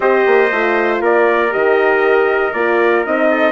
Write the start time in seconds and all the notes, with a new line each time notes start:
0.00 C4 G4 C5 D#5
0.26 A#3
0.51 A3 F4
1.00 A#3 A#4 D5
1.50 D#3 G4 D#5
2.53 A#3 F4 D5
3.05 C4 D#4 D#5
3.30 A4